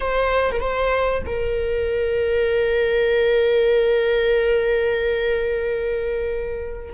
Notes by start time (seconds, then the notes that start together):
0.00 C5
0.51 A#4
0.60 C5
1.26 A#4